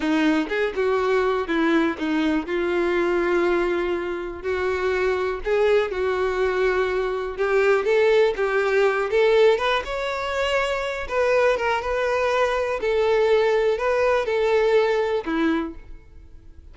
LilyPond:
\new Staff \with { instrumentName = "violin" } { \time 4/4 \tempo 4 = 122 dis'4 gis'8 fis'4. e'4 | dis'4 f'2.~ | f'4 fis'2 gis'4 | fis'2. g'4 |
a'4 g'4. a'4 b'8 | cis''2~ cis''8 b'4 ais'8 | b'2 a'2 | b'4 a'2 e'4 | }